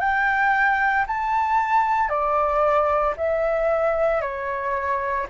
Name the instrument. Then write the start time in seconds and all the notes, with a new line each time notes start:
flute
0.00 G5
1.07 A5
2.09 D5
3.17 E5
4.22 C#5